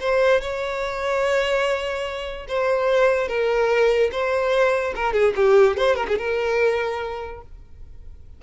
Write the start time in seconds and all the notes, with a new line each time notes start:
0.00 C5
0.41 C#5
2.49 C5
3.28 A#4
4.12 C5
4.96 A#4
5.13 G#4
5.36 G4
5.77 C5
5.96 A#4
6.08 G#4
6.18 A#4